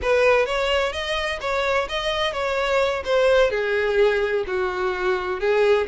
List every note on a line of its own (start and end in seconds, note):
0.02 0.46 B4
0.46 0.92 C#5
0.92 1.39 D#5
1.41 1.87 C#5
1.89 2.32 D#5
2.32 3.03 C#5
3.04 3.50 C5
3.50 4.44 G#4
4.47 5.40 F#4
5.40 5.87 G#4